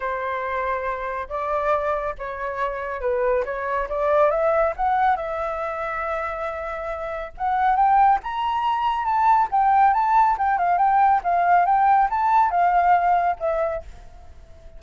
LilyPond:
\new Staff \with { instrumentName = "flute" } { \time 4/4 \tempo 4 = 139 c''2. d''4~ | d''4 cis''2 b'4 | cis''4 d''4 e''4 fis''4 | e''1~ |
e''4 fis''4 g''4 ais''4~ | ais''4 a''4 g''4 a''4 | g''8 f''8 g''4 f''4 g''4 | a''4 f''2 e''4 | }